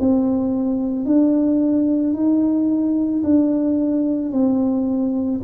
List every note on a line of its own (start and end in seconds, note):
0.00 1.06 C4
1.06 2.14 D4
2.14 3.23 D#4
3.23 4.32 D4
4.32 5.41 C4